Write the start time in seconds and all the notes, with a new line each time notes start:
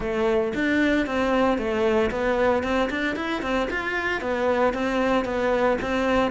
0.00 A3
0.54 D4
1.06 C4
1.58 A3
2.11 B3
2.63 C4
2.89 D4
3.16 E4
3.42 C4
3.70 F4
4.21 B3
4.73 C4
5.24 B3
5.81 C4